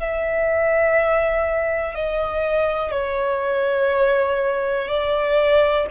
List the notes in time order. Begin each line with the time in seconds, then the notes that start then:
0.00 E5
1.95 D#5
2.92 C#5
4.88 D5